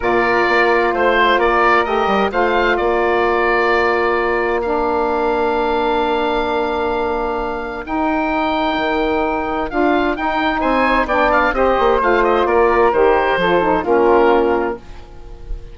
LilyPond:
<<
  \new Staff \with { instrumentName = "oboe" } { \time 4/4 \tempo 4 = 130 d''2 c''4 d''4 | dis''4 f''4 d''2~ | d''2 f''2~ | f''1~ |
f''4 g''2.~ | g''4 f''4 g''4 gis''4 | g''8 f''8 dis''4 f''8 dis''8 d''4 | c''2 ais'2 | }
  \new Staff \with { instrumentName = "flute" } { \time 4/4 ais'2 c''4 ais'4~ | ais'4 c''4 ais'2~ | ais'1~ | ais'1~ |
ais'1~ | ais'2. c''4 | d''4 c''2 ais'4~ | ais'4 a'4 f'2 | }
  \new Staff \with { instrumentName = "saxophone" } { \time 4/4 f'1 | g'4 f'2.~ | f'2 d'2~ | d'1~ |
d'4 dis'2.~ | dis'4 f'4 dis'2 | d'4 g'4 f'2 | g'4 f'8 dis'8 cis'2 | }
  \new Staff \with { instrumentName = "bassoon" } { \time 4/4 ais,4 ais4 a4 ais4 | a8 g8 a4 ais2~ | ais1~ | ais1~ |
ais4 dis'2 dis4~ | dis4 d'4 dis'4 c'4 | b4 c'8 ais8 a4 ais4 | dis4 f4 ais2 | }
>>